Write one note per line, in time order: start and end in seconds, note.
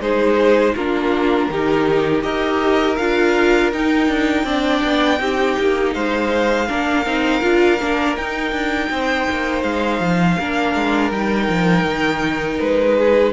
0.00 0.74 G#3
0.00 0.75 D#4
0.00 0.75 G#4
0.00 0.75 C5
0.75 1.49 A#3
0.75 1.51 D4
0.75 1.49 F4
0.75 2.23 A#4
1.49 2.23 D#3
1.49 2.22 D#4
1.49 2.23 G4
2.22 2.98 D#4
2.22 2.96 G4
2.22 4.44 A#4
2.22 2.96 D#5
2.96 3.73 D4
2.96 3.72 F4
2.96 3.70 F5
3.72 4.46 D#4
3.72 4.08 D#4
3.72 5.93 G5
4.08 4.44 D4
4.44 4.81 C4
4.44 5.19 D4
4.44 5.18 D5
4.83 5.19 B3
5.19 5.56 C4
5.19 6.67 D#4
5.19 5.95 G4
5.59 5.95 A#3
5.93 6.69 G#3
5.93 6.67 C5
5.93 8.15 F5
6.67 7.05 A#3
6.67 7.05 D4
6.67 8.90 A#4
7.05 7.42 C4
7.05 7.41 D#4
7.41 7.80 D4
7.41 7.78 F4
7.80 8.17 A#3
7.80 8.17 D4
8.16 8.52 D#4
8.16 10.39 D#4
8.16 9.62 G5
8.52 8.89 D4
8.90 9.27 C4
8.90 10.38 C5
9.30 9.63 A#3
9.62 10.00 G#3
9.62 11.11 F5
10.00 10.37 F3
10.38 10.75 A#3
10.38 11.12 D4
10.38 12.97 A#4
10.75 11.11 G#3
11.11 11.48 G3
11.11 13.33 D#4
11.11 12.59 G5
11.49 11.84 F3
11.84 12.58 D#3
12.59 13.33 G#3
12.59 13.33 B4
12.98 13.33 G#4